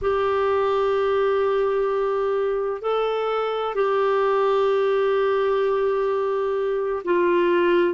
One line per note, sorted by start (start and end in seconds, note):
0.01 2.81 G4
2.81 3.74 A4
3.74 7.02 G4
7.04 7.94 F4